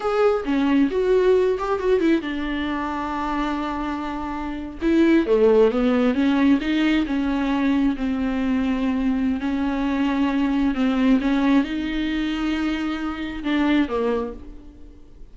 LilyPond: \new Staff \with { instrumentName = "viola" } { \time 4/4 \tempo 4 = 134 gis'4 cis'4 fis'4. g'8 | fis'8 e'8 d'2.~ | d'2~ d'8. e'4 a16~ | a8. b4 cis'4 dis'4 cis'16~ |
cis'4.~ cis'16 c'2~ c'16~ | c'4 cis'2. | c'4 cis'4 dis'2~ | dis'2 d'4 ais4 | }